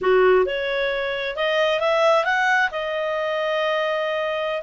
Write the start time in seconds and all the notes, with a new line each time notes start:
0.01 F#4
0.45 C#5
1.36 D#5
1.80 E5
2.24 F#5
2.71 D#5